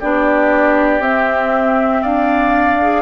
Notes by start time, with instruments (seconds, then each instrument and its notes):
0.00 bassoon B3, clarinet D4, oboe G4, flute D5
1.00 bassoon C4, clarinet C4, flute E5
2.02 bassoon D4, oboe D5, flute F5
2.81 clarinet G#4